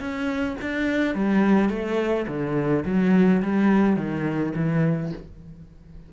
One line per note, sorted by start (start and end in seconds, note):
0.00 0.57 C#4
0.61 1.15 D4
1.15 1.69 G3
1.69 2.26 A3
2.28 2.84 D3
2.85 3.42 F#3
3.42 3.96 G3
3.96 4.53 D#3
4.56 5.12 E3